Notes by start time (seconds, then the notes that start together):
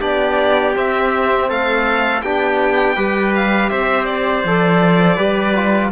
0.00 B3 D4 G4 D5
0.73 C4 E5
1.49 A3 A4 F5
2.22 B3 D4 G4 G5
2.96 G3 G4 B4
3.35 F5
3.69 C4 C5 E5
4.05 D5
4.44 F3 A4
5.15 G3 G4 B4
5.55 F4